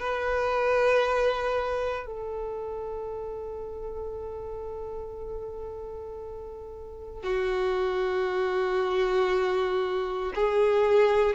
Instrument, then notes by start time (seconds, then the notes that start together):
violin
0.00 B4
2.06 A4
7.24 F#4
10.35 G#4